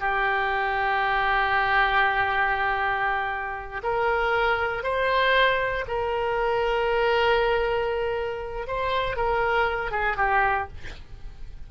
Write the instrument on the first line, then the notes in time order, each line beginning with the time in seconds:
oboe
0.00 G4
3.83 A#4
4.83 C5
5.88 A#4
8.67 C5
9.16 A#4
9.91 G#4
10.17 G4